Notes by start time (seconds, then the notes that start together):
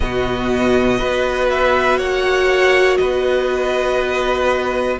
0.00 B2 B3 F#4 D#5
0.98 B3 F#4 B4
1.49 E5
1.97 A#3 C#5 F#5
2.96 B3 B4 D#5